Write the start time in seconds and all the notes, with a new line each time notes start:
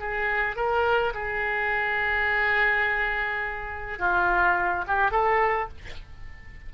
0.00 G#4
0.56 A#4
1.14 G#4
3.99 F4
4.88 G4
5.11 A4